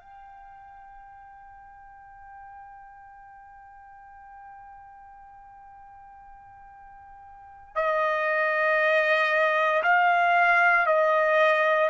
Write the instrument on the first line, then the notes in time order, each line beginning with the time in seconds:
trumpet
0.00 G5
7.75 D#5
9.83 F5
10.86 D#5